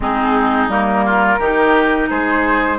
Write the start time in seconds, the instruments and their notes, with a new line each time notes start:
0.00 bassoon G#3, clarinet C4, oboe D#4, flute G#4
0.68 bassoon G3, clarinet A#3, flute A#4
1.05 oboe F4
1.39 bassoon D#3, clarinet D#4, oboe G4
2.09 bassoon G#3, oboe G#4, flute C5